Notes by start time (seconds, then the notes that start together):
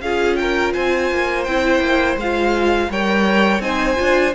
0.00 C#4 F4 G#4 F5
0.36 A#4 G5
0.73 C4 C5 G#5
1.11 A#3
1.44 C4 E4 G5
1.80 A#3
2.16 G#3 F4 F5
2.89 G3 A#4 C#5 G5
3.59 C4 D#4 C5 G#5
3.96 D4 F4